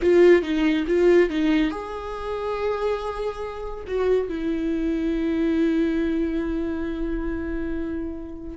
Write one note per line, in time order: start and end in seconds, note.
0.02 0.42 F4
0.42 0.85 D#4
0.87 1.29 F4
1.29 1.70 D#4
1.70 3.85 G#4
3.87 4.29 F#4
4.29 8.57 E4